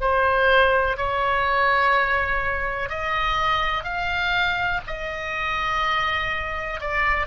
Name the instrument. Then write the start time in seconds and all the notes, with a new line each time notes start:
oboe
0.00 C5
0.97 C#5
2.89 D#5
3.84 F5
4.87 D#5
6.80 D5